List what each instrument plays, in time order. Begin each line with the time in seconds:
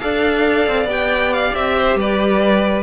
0.00 cello D4, viola A4, violin D5 F5
0.68 cello C4
0.85 cello B3, viola G4
0.91 violin G5
1.34 violin F5
1.55 cello C4, violin E5
1.78 violin C5
1.96 cello G3, violin B4 D5